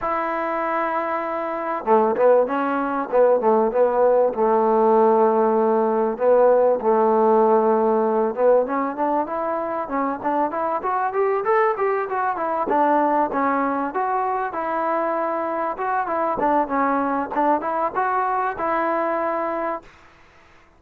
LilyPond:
\new Staff \with { instrumentName = "trombone" } { \time 4/4 \tempo 4 = 97 e'2. a8 b8 | cis'4 b8 a8 b4 a4~ | a2 b4 a4~ | a4. b8 cis'8 d'8 e'4 |
cis'8 d'8 e'8 fis'8 g'8 a'8 g'8 fis'8 | e'8 d'4 cis'4 fis'4 e'8~ | e'4. fis'8 e'8 d'8 cis'4 | d'8 e'8 fis'4 e'2 | }